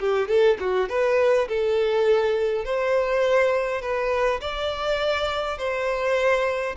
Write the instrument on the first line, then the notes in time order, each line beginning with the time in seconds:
violin
0.00 G4
0.28 A4
0.60 F#4
0.89 B4
1.48 A4
2.65 C5
3.81 B4
4.41 D5
5.58 C5